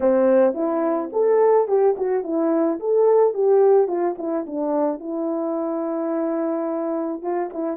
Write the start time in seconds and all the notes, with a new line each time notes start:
0.00 C4
0.54 E4
1.12 A4
1.68 G4
1.97 F#4
2.23 E4
2.79 A4
3.33 G4
3.87 F4
4.18 E4
4.46 D4
4.99 E4
7.22 F4
7.53 E4